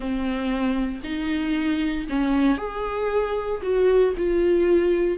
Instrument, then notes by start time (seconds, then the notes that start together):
viola
0.00 C4
1.03 D#4
2.09 C#4
2.57 G#4
3.62 F#4
4.17 F4